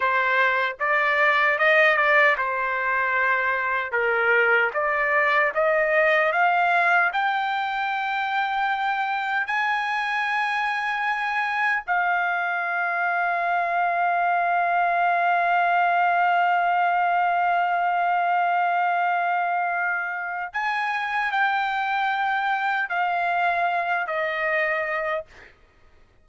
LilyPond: \new Staff \with { instrumentName = "trumpet" } { \time 4/4 \tempo 4 = 76 c''4 d''4 dis''8 d''8 c''4~ | c''4 ais'4 d''4 dis''4 | f''4 g''2. | gis''2. f''4~ |
f''1~ | f''1~ | f''2 gis''4 g''4~ | g''4 f''4. dis''4. | }